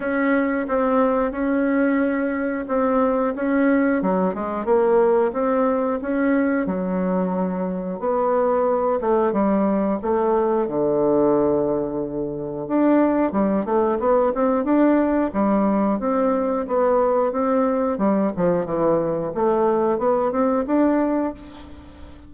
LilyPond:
\new Staff \with { instrumentName = "bassoon" } { \time 4/4 \tempo 4 = 90 cis'4 c'4 cis'2 | c'4 cis'4 fis8 gis8 ais4 | c'4 cis'4 fis2 | b4. a8 g4 a4 |
d2. d'4 | g8 a8 b8 c'8 d'4 g4 | c'4 b4 c'4 g8 f8 | e4 a4 b8 c'8 d'4 | }